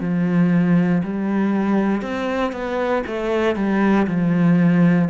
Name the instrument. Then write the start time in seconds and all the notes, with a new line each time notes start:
cello
0.00 F3
1.03 G3
2.02 C4
2.51 B3
3.06 A3
3.55 G3
4.07 F3